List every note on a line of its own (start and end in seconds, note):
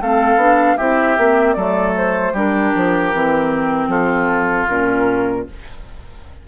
0.00 0.35 A3
0.00 0.38 C4
0.00 0.77 A4
0.00 0.77 F5
0.35 0.74 B3
0.35 0.77 D4
0.77 1.17 C4
0.77 1.17 E4
0.77 1.55 G4
0.77 1.53 E5
1.17 1.56 A#3
1.17 1.57 C4
1.53 2.33 F#3
1.53 2.35 A3
1.53 2.32 A4
1.53 1.92 D5
1.97 2.36 C5
2.32 2.72 G3
2.32 3.12 D4
2.32 3.88 G4
2.32 3.89 A#4
2.75 3.13 F3
3.12 3.87 E3
3.12 4.68 C4
3.87 4.65 F3
3.87 5.45 F4
3.87 4.67 A4
4.68 5.47 A#2
4.68 5.45 C#4
4.68 5.46 A#4